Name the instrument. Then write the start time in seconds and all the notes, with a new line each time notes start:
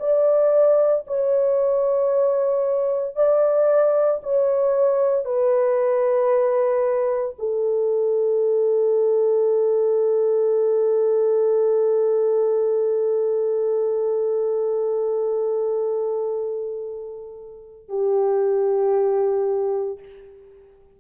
horn
0.00 D5
1.07 C#5
3.16 D5
4.23 C#5
5.25 B4
7.39 A4
17.89 G4